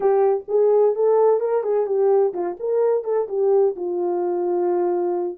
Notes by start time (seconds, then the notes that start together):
0.00 G4
0.48 G#4
0.95 A4
1.40 A#4
1.63 G#4
1.86 G4
2.33 F4
2.59 A#4
3.04 A4
3.28 G4
3.76 F4